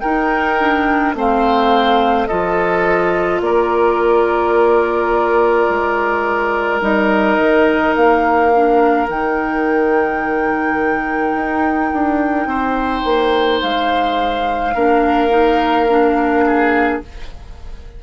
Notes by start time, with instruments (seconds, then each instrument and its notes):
0.00 clarinet D#4, bassoon D#4, oboe A#4, flute G5
0.59 clarinet D4
1.14 bassoon A3, clarinet C4, oboe C5, flute F5
2.27 bassoon F3, clarinet F4, oboe A4, flute D#5
3.41 bassoon A#3, oboe A#4, flute D5
5.69 bassoon G#3
6.81 bassoon G3, clarinet D#4, flute D#5
7.38 bassoon D#3
7.95 bassoon A#3, flute F5
8.55 clarinet D4
9.07 bassoon D#3, clarinet D#4, flute G5
11.34 bassoon D#4
11.93 bassoon D4
12.46 bassoon C4, oboe C5
13.04 bassoon A#3
13.61 bassoon G#3, flute F5
14.74 bassoon A#3, clarinet D4, oboe A#4
15.29 clarinet D#4
15.89 clarinet D4
16.46 oboe G#4